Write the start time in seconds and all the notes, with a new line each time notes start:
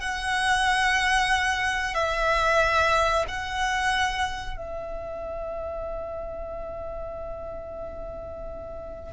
0.00 F#5
1.94 E5
3.28 F#5
4.57 E5